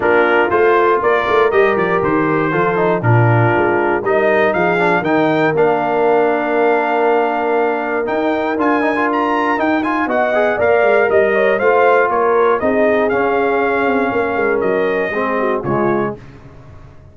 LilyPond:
<<
  \new Staff \with { instrumentName = "trumpet" } { \time 4/4 \tempo 4 = 119 ais'4 c''4 d''4 dis''8 d''8 | c''2 ais'2 | dis''4 f''4 g''4 f''4~ | f''1 |
g''4 gis''4 ais''4 g''8 gis''8 | fis''4 f''4 dis''4 f''4 | cis''4 dis''4 f''2~ | f''4 dis''2 cis''4 | }
  \new Staff \with { instrumentName = "horn" } { \time 4/4 f'2 ais'2~ | ais'4 a'4 f'2 | ais'4 gis'4 ais'2~ | ais'1~ |
ais'1 | dis''4 d''4 dis''8 cis''8 c''4 | ais'4 gis'2. | ais'2 gis'8 fis'8 f'4 | }
  \new Staff \with { instrumentName = "trombone" } { \time 4/4 d'4 f'2 g'4~ | g'4 f'8 dis'8 d'2 | dis'4. d'8 dis'4 d'4~ | d'1 |
dis'4 f'8 dis'16 f'4~ f'16 dis'8 f'8 | fis'8 gis'8 ais'2 f'4~ | f'4 dis'4 cis'2~ | cis'2 c'4 gis4 | }
  \new Staff \with { instrumentName = "tuba" } { \time 4/4 ais4 a4 ais8 a8 g8 f8 | dis4 f4 ais,4 gis4 | g4 f4 dis4 ais4~ | ais1 |
dis'4 d'2 dis'4 | b4 ais8 gis8 g4 a4 | ais4 c'4 cis'4. c'8 | ais8 gis8 fis4 gis4 cis4 | }
>>